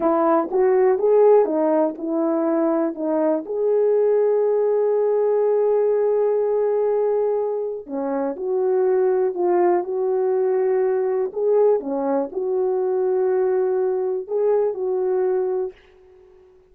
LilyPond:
\new Staff \with { instrumentName = "horn" } { \time 4/4 \tempo 4 = 122 e'4 fis'4 gis'4 dis'4 | e'2 dis'4 gis'4~ | gis'1~ | gis'1 |
cis'4 fis'2 f'4 | fis'2. gis'4 | cis'4 fis'2.~ | fis'4 gis'4 fis'2 | }